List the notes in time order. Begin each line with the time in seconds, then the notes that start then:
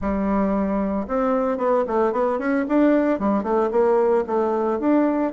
0.01 G3
1.07 C4
1.57 B3
1.87 A3
2.12 B3
2.38 C#4
2.68 D4
3.19 G3
3.43 A3
3.71 A#3
4.26 A3
4.79 D4